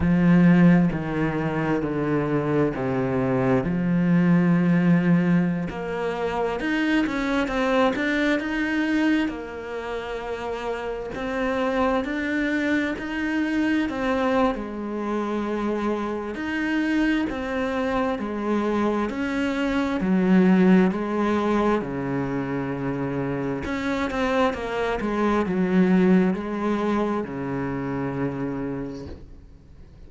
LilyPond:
\new Staff \with { instrumentName = "cello" } { \time 4/4 \tempo 4 = 66 f4 dis4 d4 c4 | f2~ f16 ais4 dis'8 cis'16~ | cis'16 c'8 d'8 dis'4 ais4.~ ais16~ | ais16 c'4 d'4 dis'4 c'8. |
gis2 dis'4 c'4 | gis4 cis'4 fis4 gis4 | cis2 cis'8 c'8 ais8 gis8 | fis4 gis4 cis2 | }